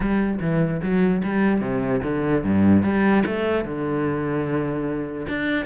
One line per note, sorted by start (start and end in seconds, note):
0.00 0.39 G3
0.40 0.81 E3
0.81 1.22 F#3
1.23 1.61 G3
1.61 2.01 C3
2.03 2.43 D3
2.43 2.83 G2
2.83 3.23 G3
3.26 3.64 A3
3.64 5.26 D3
5.28 5.65 D4